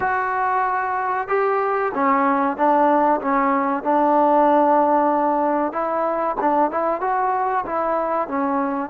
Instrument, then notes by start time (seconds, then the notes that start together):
trombone
0.00 F#4
1.28 G4
1.94 C#4
2.56 D4
3.21 C#4
3.83 D4
5.72 E4
6.40 D4
6.71 E4
7.01 F#4
7.66 E4
8.28 C#4